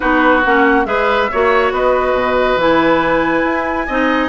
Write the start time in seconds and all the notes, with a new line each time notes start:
0.00 B3 D#4 F#4 B4
0.45 A#3 C#4 F#5
0.85 G#3 G#4 B4 E5
1.31 A#3 F#4 C#5
1.71 B3 B4 D#5
2.13 B2
2.56 E3 E4 G#5
3.44 E4
3.86 C4 D#4 D#5